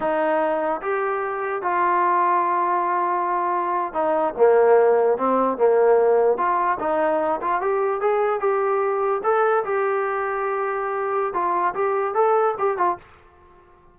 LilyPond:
\new Staff \with { instrumentName = "trombone" } { \time 4/4 \tempo 4 = 148 dis'2 g'2 | f'1~ | f'4.~ f'16 dis'4 ais4~ ais16~ | ais8. c'4 ais2 f'16~ |
f'8. dis'4. f'8 g'4 gis'16~ | gis'8. g'2 a'4 g'16~ | g'1 | f'4 g'4 a'4 g'8 f'8 | }